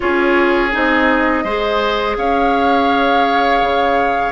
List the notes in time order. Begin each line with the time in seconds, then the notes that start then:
0.00 C#4 F4 G#4 C#5
0.72 C4 D#4 D#5
1.44 G#3 G#4 C5
2.17 C#4 C#5 F5
3.61 C#3